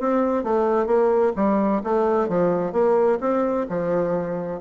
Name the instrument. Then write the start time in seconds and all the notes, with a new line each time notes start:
bassoon
0.00 C4
0.43 A3
0.86 A#3
1.36 G3
1.83 A3
2.28 F3
2.72 A#3
3.20 C4
3.69 F3